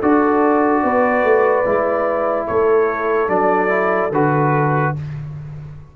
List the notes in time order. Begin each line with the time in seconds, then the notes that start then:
0.00 D4 F#4 A4 D5
0.82 B3 B4
1.23 A3
1.64 G#3 E4
2.47 A3 A4 C#5
3.28 F#3 D4 D5
3.68 E4
4.11 D3 F#4 B4